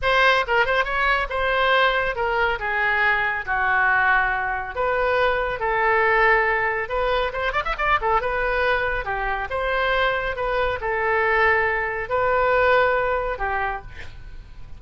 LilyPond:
\new Staff \with { instrumentName = "oboe" } { \time 4/4 \tempo 4 = 139 c''4 ais'8 c''8 cis''4 c''4~ | c''4 ais'4 gis'2 | fis'2. b'4~ | b'4 a'2. |
b'4 c''8 d''16 e''16 d''8 a'8 b'4~ | b'4 g'4 c''2 | b'4 a'2. | b'2. g'4 | }